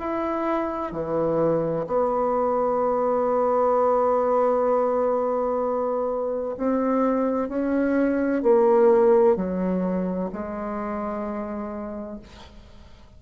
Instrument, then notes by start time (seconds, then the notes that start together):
bassoon
0.00 E4
0.92 E3
1.87 B3
6.58 C4
7.49 C#4
8.42 A#3
9.37 F#3
10.33 G#3